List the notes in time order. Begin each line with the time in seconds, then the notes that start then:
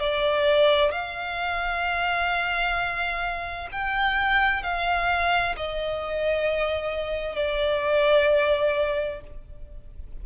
0.00 D5
0.92 F5
3.72 G5
4.63 F5
5.57 D#5
7.36 D5